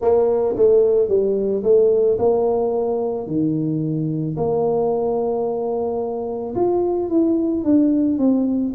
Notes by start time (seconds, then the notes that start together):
0.00 A#3
0.56 A3
1.08 G3
1.63 A3
2.18 A#3
3.26 D#3
4.36 A#3
6.55 F4
7.09 E4
7.64 D4
8.18 C4